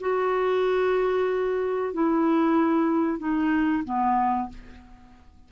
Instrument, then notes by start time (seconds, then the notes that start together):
clarinet
0.00 F#4
1.93 E4
3.18 D#4
3.84 B3